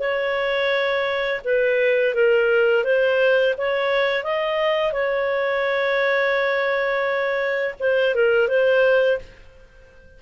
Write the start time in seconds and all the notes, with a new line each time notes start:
0.00 C#5
1.45 B4
2.15 A#4
2.84 C5
3.58 C#5
4.24 D#5
4.93 C#5
7.80 C5
8.15 A#4
8.48 C5